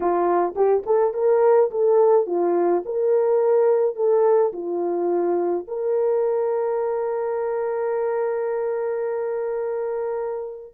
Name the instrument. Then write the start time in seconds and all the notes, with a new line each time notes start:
horn
0.00 F4
0.55 G4
0.86 A4
1.13 A#4
1.70 A4
2.26 F4
2.85 A#4
3.95 A4
4.52 F4
5.67 A#4